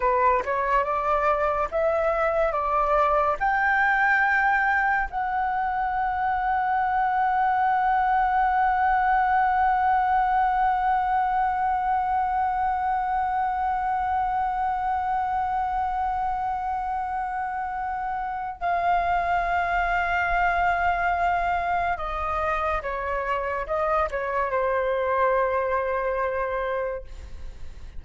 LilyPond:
\new Staff \with { instrumentName = "flute" } { \time 4/4 \tempo 4 = 71 b'8 cis''8 d''4 e''4 d''4 | g''2 fis''2~ | fis''1~ | fis''1~ |
fis''1~ | fis''2 f''2~ | f''2 dis''4 cis''4 | dis''8 cis''8 c''2. | }